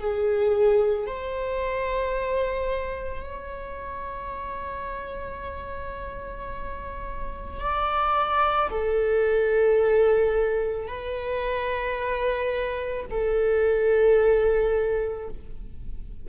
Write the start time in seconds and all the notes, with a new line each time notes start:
0.00 G#4
1.07 C5
3.24 C#5
7.61 D5
8.70 A4
10.88 B4
13.11 A4